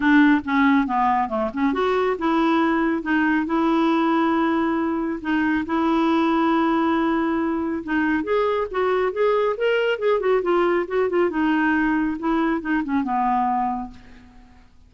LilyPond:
\new Staff \with { instrumentName = "clarinet" } { \time 4/4 \tempo 4 = 138 d'4 cis'4 b4 a8 cis'8 | fis'4 e'2 dis'4 | e'1 | dis'4 e'2.~ |
e'2 dis'4 gis'4 | fis'4 gis'4 ais'4 gis'8 fis'8 | f'4 fis'8 f'8 dis'2 | e'4 dis'8 cis'8 b2 | }